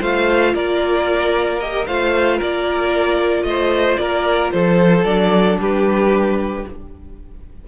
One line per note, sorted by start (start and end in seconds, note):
0.00 0.54 A3
0.00 1.60 F4
0.00 0.53 C5
0.00 0.55 F5
0.54 1.87 A#3
0.54 1.87 A#4
0.54 1.59 D5
1.59 1.88 G4
1.59 1.86 D#5
1.87 2.41 A3
1.87 5.05 F4
1.87 2.37 C5
1.87 2.40 F5
2.37 3.43 A#3
2.37 3.43 A#4
2.37 3.43 D5
3.43 3.96 A3
3.43 3.96 D#5
3.49 4.00 C5
3.97 4.53 A#3
3.97 4.53 A#4
3.97 4.50 D5
4.52 5.05 F3
4.52 5.60 A4
4.52 5.05 C5
5.05 5.58 F#3
5.05 6.65 D4
5.05 5.58 D5
5.59 6.65 G3
5.59 6.66 G4
5.59 6.68 B4